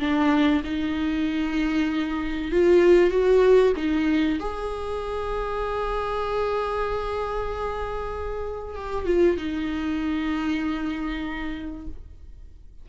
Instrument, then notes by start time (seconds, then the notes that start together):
viola
0.00 D4
0.64 D#4
2.52 F4
3.11 F#4
3.77 D#4
4.40 G#4
8.76 G4
9.06 F4
9.37 D#4